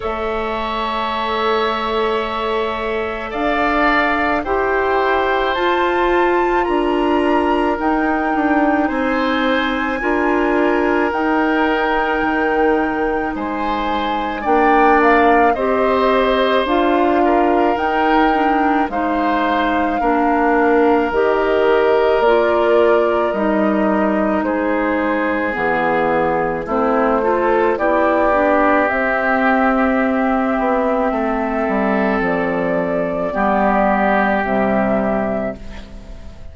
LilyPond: <<
  \new Staff \with { instrumentName = "flute" } { \time 4/4 \tempo 4 = 54 e''2. f''4 | g''4 a''4 ais''4 g''4 | gis''2 g''2 | gis''4 g''8 f''8 dis''4 f''4 |
g''4 f''2 dis''4 | d''4 dis''4 c''4 gis'4 | c''4 d''4 e''2~ | e''4 d''2 e''4 | }
  \new Staff \with { instrumentName = "oboe" } { \time 4/4 cis''2. d''4 | c''2 ais'2 | c''4 ais'2. | c''4 d''4 c''4. ais'8~ |
ais'4 c''4 ais'2~ | ais'2 gis'2 | e'8 a'8 g'2. | a'2 g'2 | }
  \new Staff \with { instrumentName = "clarinet" } { \time 4/4 a'1 | g'4 f'2 dis'4~ | dis'4 f'4 dis'2~ | dis'4 d'4 g'4 f'4 |
dis'8 d'8 dis'4 d'4 g'4 | f'4 dis'2 b4 | c'8 f'8 e'8 d'8 c'2~ | c'2 b4 g4 | }
  \new Staff \with { instrumentName = "bassoon" } { \time 4/4 a2. d'4 | e'4 f'4 d'4 dis'8 d'8 | c'4 d'4 dis'4 dis4 | gis4 ais4 c'4 d'4 |
dis'4 gis4 ais4 dis4 | ais4 g4 gis4 e4 | a4 b4 c'4. b8 | a8 g8 f4 g4 c4 | }
>>